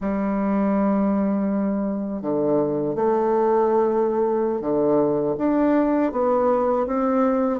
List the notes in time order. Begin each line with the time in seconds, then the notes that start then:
0.00 G3
2.22 D3
2.95 A3
4.61 D3
5.38 D4
6.12 B3
6.86 C4